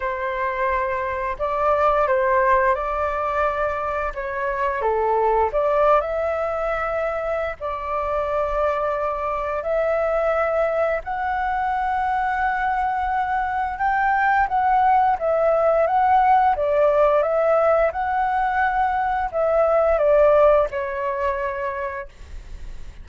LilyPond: \new Staff \with { instrumentName = "flute" } { \time 4/4 \tempo 4 = 87 c''2 d''4 c''4 | d''2 cis''4 a'4 | d''8. e''2~ e''16 d''4~ | d''2 e''2 |
fis''1 | g''4 fis''4 e''4 fis''4 | d''4 e''4 fis''2 | e''4 d''4 cis''2 | }